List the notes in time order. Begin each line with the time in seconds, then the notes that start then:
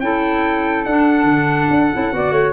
0.00 C#4 E4 A4 G5
0.85 D4 F#5
1.24 D3
1.70 D4
1.93 C#4 E4
2.12 B3 F#4 D5
2.31 A3 C#5